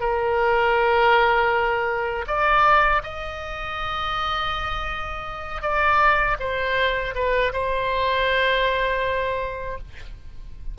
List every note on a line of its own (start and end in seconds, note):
0.00 2.25 A#4
2.27 3.02 D5
3.03 5.62 D#5
5.62 6.37 D5
6.40 7.15 C5
7.15 7.52 B4
7.53 9.78 C5